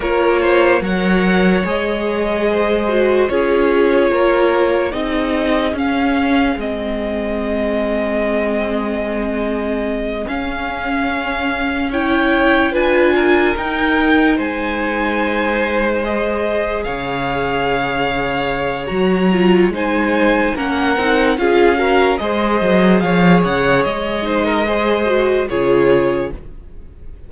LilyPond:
<<
  \new Staff \with { instrumentName = "violin" } { \time 4/4 \tempo 4 = 73 cis''4 fis''4 dis''2 | cis''2 dis''4 f''4 | dis''1~ | dis''8 f''2 g''4 gis''8~ |
gis''8 g''4 gis''2 dis''8~ | dis''8 f''2~ f''8 ais''4 | gis''4 fis''4 f''4 dis''4 | f''8 fis''8 dis''2 cis''4 | }
  \new Staff \with { instrumentName = "violin" } { \time 4/4 ais'8 c''8 cis''2 c''4 | gis'4 ais'4 gis'2~ | gis'1~ | gis'2~ gis'8 cis''4 b'8 |
ais'4. c''2~ c''8~ | c''8 cis''2.~ cis''8 | c''4 ais'4 gis'8 ais'8 c''4 | cis''4. c''16 ais'16 c''4 gis'4 | }
  \new Staff \with { instrumentName = "viola" } { \time 4/4 f'4 ais'4 gis'4. fis'8 | f'2 dis'4 cis'4 | c'1~ | c'8 cis'2 e'4 f'8~ |
f'8 dis'2. gis'8~ | gis'2. fis'8 f'8 | dis'4 cis'8 dis'8 f'8 fis'8 gis'4~ | gis'4. dis'8 gis'8 fis'8 f'4 | }
  \new Staff \with { instrumentName = "cello" } { \time 4/4 ais4 fis4 gis2 | cis'4 ais4 c'4 cis'4 | gis1~ | gis8 cis'2. d'8~ |
d'8 dis'4 gis2~ gis8~ | gis8 cis2~ cis8 fis4 | gis4 ais8 c'8 cis'4 gis8 fis8 | f8 cis8 gis2 cis4 | }
>>